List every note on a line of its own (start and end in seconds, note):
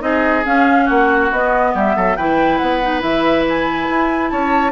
0.00 0.44 C4
0.00 0.43 D#4
0.00 0.84 G#4
0.00 0.44 D#5
0.45 1.31 C#4
0.45 0.89 C#4
0.45 0.88 F5
0.84 1.31 A#3
0.84 1.70 F#4
0.84 1.30 F#5
1.31 1.74 B3
1.31 2.18 B3
1.31 1.75 D#5
1.74 1.96 G3
1.74 1.96 G4
1.74 2.16 E5
1.96 2.17 F#3
1.96 2.17 A4
2.16 2.60 E3
2.16 2.82 E4
2.16 4.31 B4
2.16 2.58 G5
2.58 3.02 B3
2.58 3.01 F#5
2.82 3.00 D#4
3.00 3.88 E3
3.00 4.72 E4
3.00 3.45 E5
3.48 4.29 G#5
3.89 4.32 E4
4.29 4.72 C#4
4.29 4.72 C#5
4.29 4.72 A5